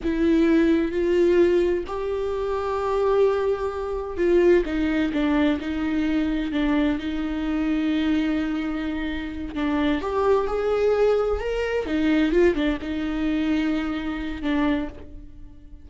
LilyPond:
\new Staff \with { instrumentName = "viola" } { \time 4/4 \tempo 4 = 129 e'2 f'2 | g'1~ | g'4 f'4 dis'4 d'4 | dis'2 d'4 dis'4~ |
dis'1~ | dis'8 d'4 g'4 gis'4.~ | gis'8 ais'4 dis'4 f'8 d'8 dis'8~ | dis'2. d'4 | }